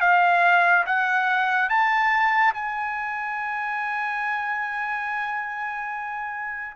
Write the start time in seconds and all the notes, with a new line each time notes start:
0.00 F5
0.86 F#5
1.69 A5
2.53 G#5